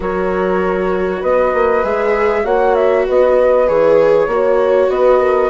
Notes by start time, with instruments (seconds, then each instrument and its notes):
0.00 bassoon F#3, viola F#4, horn A#4, flute C#5
1.20 bassoon B3, horn B4, flute D#5
1.53 bassoon A#3
1.83 bassoon G#3, viola G#4, flute E5
2.43 bassoon A#3, viola F#4, horn C#5, flute F#5
2.74 flute E5
3.06 bassoon B3, horn B4, flute D#5
3.67 bassoon E3, viola G#4, flute C#5
4.27 bassoon A#3, viola F#4, horn C#5
4.89 bassoon B3, horn B4, flute D#5
5.20 horn A#4